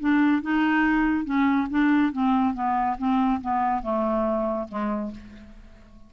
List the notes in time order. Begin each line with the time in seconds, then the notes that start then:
0.00 D4
0.42 D#4
1.25 C#4
1.70 D4
2.12 C4
2.54 B3
2.98 C4
3.41 B3
3.82 A3
4.69 G#3